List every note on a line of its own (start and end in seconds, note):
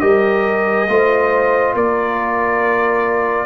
0.00 0.88 G3
0.00 0.88 G4
0.00 0.89 A#4
0.00 1.74 D#5
0.88 1.75 A3
0.88 3.46 F4
0.88 1.75 C5
1.75 3.46 A#3
1.75 3.46 A#4
1.75 3.46 D5